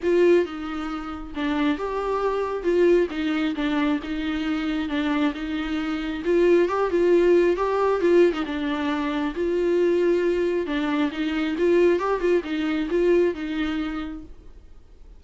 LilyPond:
\new Staff \with { instrumentName = "viola" } { \time 4/4 \tempo 4 = 135 f'4 dis'2 d'4 | g'2 f'4 dis'4 | d'4 dis'2 d'4 | dis'2 f'4 g'8 f'8~ |
f'4 g'4 f'8. dis'16 d'4~ | d'4 f'2. | d'4 dis'4 f'4 g'8 f'8 | dis'4 f'4 dis'2 | }